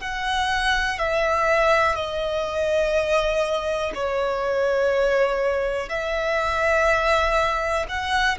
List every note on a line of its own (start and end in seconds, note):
0.00 0.98 F#5
0.98 1.95 E5
1.95 3.92 D#5
3.94 5.89 C#5
5.89 7.86 E5
7.89 8.38 F#5